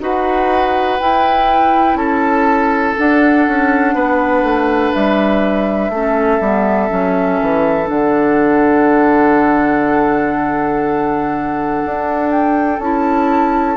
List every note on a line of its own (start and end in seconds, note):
0.00 0.98 D#4
0.00 0.98 F#4
0.00 1.98 B4
0.00 0.99 F#5
0.99 2.96 E4
0.99 1.94 E4
0.99 1.96 G5
1.94 2.93 C#4
1.94 3.94 A4
1.94 2.95 A5
2.96 5.91 D4
2.96 3.47 D4
2.96 4.93 F#5
3.47 3.94 C#4
3.94 4.43 B3
3.94 5.91 B4
4.43 4.92 A3
4.93 5.89 G3
4.93 7.88 E5
5.89 6.39 A3
5.89 6.41 C#4
5.89 13.77 A4
6.40 6.89 G3
6.40 6.88 B3
6.88 7.40 F#3
6.88 7.84 C#4
7.41 7.89 E3
7.84 11.82 D3
7.84 12.76 D4
7.84 12.30 F#5
11.85 12.79 D4
12.30 12.79 G5
12.79 13.77 C#4
12.79 13.77 E4
12.79 13.77 A5